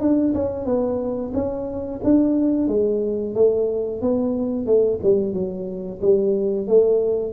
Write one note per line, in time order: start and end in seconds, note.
0.00 0.33 D4
0.34 0.65 C#4
0.65 1.32 B3
1.34 2.00 C#4
2.03 2.68 D4
2.68 3.34 G#3
3.35 4.01 A3
4.01 4.66 B3
4.66 4.99 A3
5.03 5.33 G3
5.33 6.00 F#3
6.01 6.67 G3
6.67 7.33 A3